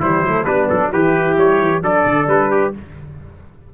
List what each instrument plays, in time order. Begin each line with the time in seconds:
0.00 tuba E3, horn G3, trumpet E4 C5
0.22 tuba F#3, horn A3
0.45 tuba G3, horn B3, trumpet D4 B4
0.69 tuba F#3, trumpet A4
0.92 tuba E3, horn E4, trumpet G4 B4
1.37 tuba G3, trumpet C#5
1.60 tuba E3
1.82 tuba F#3, horn D4, trumpet A4 D5
2.05 tuba D3
2.28 tuba G3, trumpet B4
2.51 trumpet G4